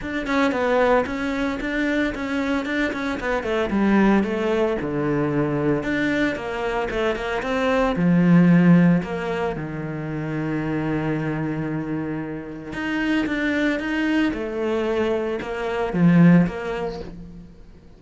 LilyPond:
\new Staff \with { instrumentName = "cello" } { \time 4/4 \tempo 4 = 113 d'8 cis'8 b4 cis'4 d'4 | cis'4 d'8 cis'8 b8 a8 g4 | a4 d2 d'4 | ais4 a8 ais8 c'4 f4~ |
f4 ais4 dis2~ | dis1 | dis'4 d'4 dis'4 a4~ | a4 ais4 f4 ais4 | }